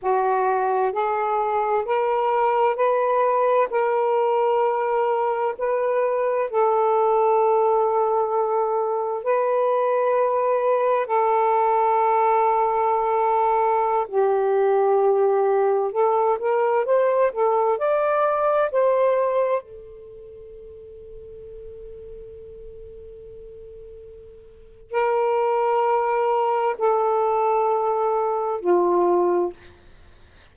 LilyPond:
\new Staff \with { instrumentName = "saxophone" } { \time 4/4 \tempo 4 = 65 fis'4 gis'4 ais'4 b'4 | ais'2 b'4 a'4~ | a'2 b'2 | a'2.~ a'16 g'8.~ |
g'4~ g'16 a'8 ais'8 c''8 a'8 d''8.~ | d''16 c''4 a'2~ a'8.~ | a'2. ais'4~ | ais'4 a'2 f'4 | }